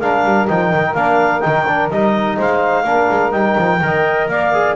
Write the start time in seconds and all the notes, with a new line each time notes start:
0.00 G#3 D4 A#4 F5
0.24 G3
0.48 F3 D#4 G5
0.73 D#3
0.94 A#3 D4 F5
1.41 D#3 D#4 G5
1.68 D4
1.90 G3 D#4 D#5
2.37 G#3 C5 F5
2.84 A#3 D4 A#4
3.11 G#3
3.32 G3 D#4 G5
3.58 F3
3.81 D#3 A#4 D#5
4.28 A#3 D5 F5
4.53 G#4